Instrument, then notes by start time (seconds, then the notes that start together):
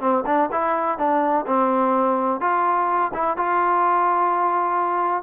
trombone
0.00 C4
0.26 D4
0.52 E4
0.98 D4
1.47 C4
2.41 F4
3.14 E4
3.37 F4